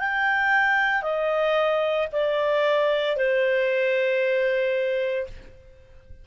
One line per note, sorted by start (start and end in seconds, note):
0.00 1.03 G5
1.03 2.08 D#5
2.12 3.17 D5
3.17 5.28 C5